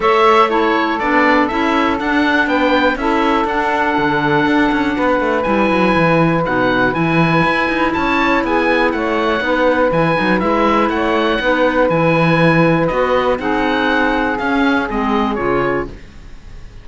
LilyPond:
<<
  \new Staff \with { instrumentName = "oboe" } { \time 4/4 \tempo 4 = 121 e''4 cis''4 d''4 e''4 | fis''4 g''4 e''4 fis''4~ | fis''2. gis''4~ | gis''4 fis''4 gis''2 |
a''4 gis''4 fis''2 | gis''4 e''4 fis''2 | gis''2 dis''4 fis''4~ | fis''4 f''4 dis''4 cis''4 | }
  \new Staff \with { instrumentName = "saxophone" } { \time 4/4 cis''4 a'2.~ | a'4 b'4 a'2~ | a'2 b'2~ | b'1 |
cis''4 gis'4 cis''4 b'4~ | b'2 cis''4 b'4~ | b'2. gis'4~ | gis'1 | }
  \new Staff \with { instrumentName = "clarinet" } { \time 4/4 a'4 e'4 d'4 e'4 | d'2 e'4 d'4~ | d'2. e'4~ | e'4 dis'4 e'2~ |
e'2. dis'4 | e'8 dis'8 e'2 dis'4 | e'2 fis'4 dis'4~ | dis'4 cis'4 c'4 f'4 | }
  \new Staff \with { instrumentName = "cello" } { \time 4/4 a2 b4 cis'4 | d'4 b4 cis'4 d'4 | d4 d'8 cis'8 b8 a8 g8 fis8 | e4 b,4 e4 e'8 dis'8 |
cis'4 b4 a4 b4 | e8 fis8 gis4 a4 b4 | e2 b4 c'4~ | c'4 cis'4 gis4 cis4 | }
>>